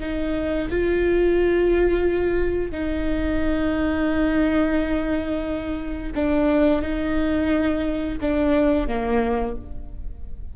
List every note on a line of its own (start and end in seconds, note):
0.00 0.68 D#4
0.71 2.72 F4
2.72 6.13 D#4
6.15 6.82 D4
6.82 8.18 D#4
8.21 8.88 D4
8.88 9.56 A#3